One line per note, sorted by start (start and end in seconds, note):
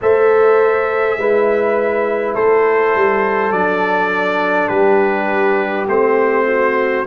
0.01 1.17 A3
0.01 1.19 A4
0.01 1.19 C5
0.01 2.34 E5
1.17 2.34 G#3
1.17 3.51 E4
1.17 2.35 B4
2.34 2.95 A3
2.34 4.68 A4
2.34 3.52 C5
2.95 3.51 G3
3.51 4.69 F#3
3.51 5.87 D4
3.51 4.67 D5
4.67 5.87 G3
4.67 6.45 G4
4.67 5.85 B4
5.87 7.05 A3
5.87 7.06 C4
5.87 7.06 C5
6.46 7.05 F#4